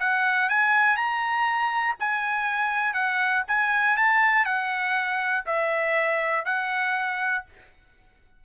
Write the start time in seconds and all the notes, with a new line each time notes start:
0.00 F#5
0.50 G#5
0.97 A#5
2.00 G#5
2.94 F#5
3.48 G#5
3.97 A5
4.45 F#5
5.47 E5
6.46 F#5